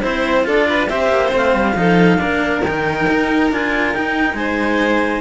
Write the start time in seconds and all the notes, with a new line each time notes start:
0.00 C4 E4 C5
0.44 D4 F4 A4 D5
0.69 B4
0.88 C4 G4 C5 E5
1.08 A#3
1.28 A3 C4
1.37 F5
1.54 G3
1.75 F3 D#4 A4
2.18 A#3 D4 A#4
2.62 D#3 D#4 G5
3.09 D#4
3.51 D4 F4 G#5
3.93 D#4 G5
4.33 G#3 C5 G#5